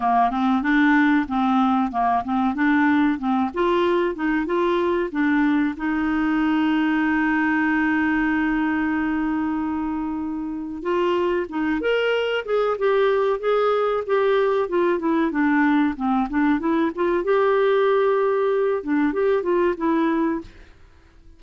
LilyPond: \new Staff \with { instrumentName = "clarinet" } { \time 4/4 \tempo 4 = 94 ais8 c'8 d'4 c'4 ais8 c'8 | d'4 c'8 f'4 dis'8 f'4 | d'4 dis'2.~ | dis'1~ |
dis'4 f'4 dis'8 ais'4 gis'8 | g'4 gis'4 g'4 f'8 e'8 | d'4 c'8 d'8 e'8 f'8 g'4~ | g'4. d'8 g'8 f'8 e'4 | }